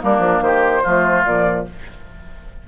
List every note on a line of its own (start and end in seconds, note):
0.00 0.18 G3
0.00 0.83 A#3
0.00 0.44 D4
0.00 0.42 A#4
0.18 0.39 F3
0.41 0.82 D#3
0.41 0.83 G4
0.41 1.25 C5
0.83 1.25 F3
0.83 1.26 A3
0.83 1.66 F4
1.25 1.67 A#2
1.25 1.68 F3
1.25 1.66 D5